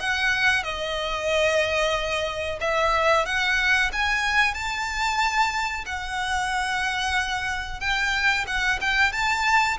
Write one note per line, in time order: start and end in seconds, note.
0.00 0.63 F#5
0.63 2.59 D#5
2.61 3.26 E5
3.26 3.91 F#5
3.93 4.54 G#5
4.54 5.85 A5
5.86 7.81 F#5
7.81 8.46 G5
8.47 8.80 F#5
8.81 9.12 G5
9.12 9.77 A5